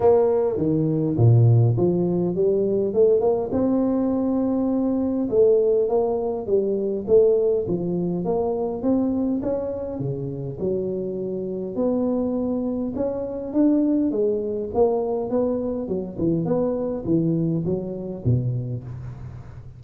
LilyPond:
\new Staff \with { instrumentName = "tuba" } { \time 4/4 \tempo 4 = 102 ais4 dis4 ais,4 f4 | g4 a8 ais8 c'2~ | c'4 a4 ais4 g4 | a4 f4 ais4 c'4 |
cis'4 cis4 fis2 | b2 cis'4 d'4 | gis4 ais4 b4 fis8 e8 | b4 e4 fis4 b,4 | }